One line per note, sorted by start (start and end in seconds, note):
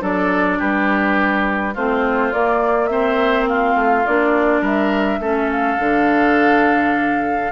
0.00 0.59 F#3
0.00 1.73 D4
0.00 0.59 A4
0.00 0.60 D5
0.59 1.76 G3
0.59 1.74 G4
0.59 1.75 B4
1.74 2.33 A3
1.74 2.33 C4
1.74 2.90 F4
1.74 2.32 C5
2.32 3.75 A#3
2.32 2.90 A#3
2.32 2.87 D5
2.87 4.05 C4
2.87 3.49 C5
2.87 3.44 E5
3.48 4.61 F4
3.48 4.06 F5
3.75 4.04 A3
4.06 4.61 A#3
4.06 5.22 D4
4.06 4.64 D5
4.61 5.19 G3
4.61 5.19 A#4
4.61 5.51 E5
5.19 5.77 A3
5.19 5.78 C#4
5.19 7.52 A4
5.51 7.52 F5
5.78 7.52 D3
5.78 7.51 D4